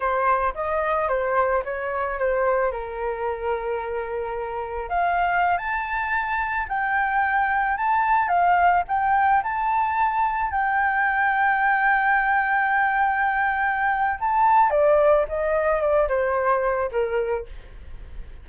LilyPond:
\new Staff \with { instrumentName = "flute" } { \time 4/4 \tempo 4 = 110 c''4 dis''4 c''4 cis''4 | c''4 ais'2.~ | ais'4 f''4~ f''16 a''4.~ a''16~ | a''16 g''2 a''4 f''8.~ |
f''16 g''4 a''2 g''8.~ | g''1~ | g''2 a''4 d''4 | dis''4 d''8 c''4. ais'4 | }